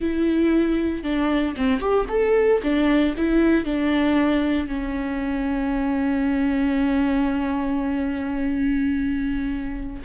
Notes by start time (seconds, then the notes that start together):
0.00 E4
1.03 D4
1.56 C4
1.79 G4
2.08 A4
2.62 D4
3.17 E4
3.65 D4
4.67 C#4